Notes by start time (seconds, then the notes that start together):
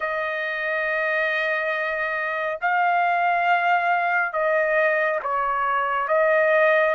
0.00 D#5
2.61 F5
4.32 D#5
5.23 C#5
6.08 D#5